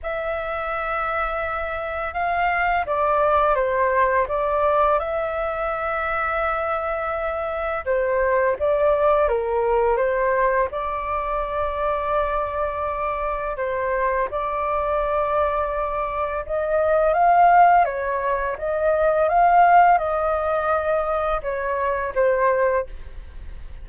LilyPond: \new Staff \with { instrumentName = "flute" } { \time 4/4 \tempo 4 = 84 e''2. f''4 | d''4 c''4 d''4 e''4~ | e''2. c''4 | d''4 ais'4 c''4 d''4~ |
d''2. c''4 | d''2. dis''4 | f''4 cis''4 dis''4 f''4 | dis''2 cis''4 c''4 | }